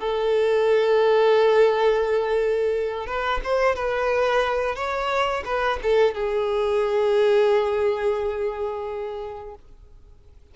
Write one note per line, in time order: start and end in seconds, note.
0.00 3.07 A4
3.07 3.41 B4
3.44 3.75 C5
3.75 4.75 B4
4.75 5.43 C#5
5.45 5.79 B4
5.83 6.14 A4
6.14 9.55 G#4